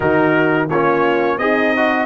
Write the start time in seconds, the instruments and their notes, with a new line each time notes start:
0.00 tuba D#3, trombone D#4, horn F#4, trumpet A#4
0.69 tuba A#3, trombone C#4, horn F4, trumpet C#5
1.37 tuba C4, horn D#4, trombone G#4, trumpet D#5
1.76 trombone F#4